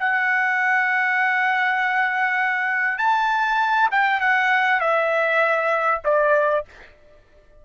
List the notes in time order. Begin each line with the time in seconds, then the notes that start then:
0.00 F#5
2.99 A5
3.91 G5
4.21 F#5
4.81 E5
6.05 D5